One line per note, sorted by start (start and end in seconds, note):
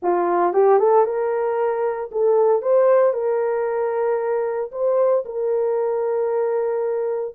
0.02 0.53 F4
0.53 0.78 G4
0.78 1.05 A4
1.05 2.10 A#4
2.11 2.61 A4
2.61 3.13 C5
3.13 4.71 A#4
4.71 5.24 C5
5.25 7.35 A#4